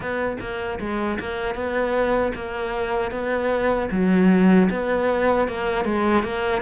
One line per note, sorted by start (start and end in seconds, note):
0.00 0.37 B3
0.40 0.79 A#3
0.79 1.18 G#3
1.19 1.54 A#3
1.54 2.32 B3
2.35 3.11 A#3
3.11 3.89 B3
3.91 4.69 F#3
4.70 5.48 B3
5.48 5.84 A#3
5.84 6.23 G#3
6.23 6.61 A#3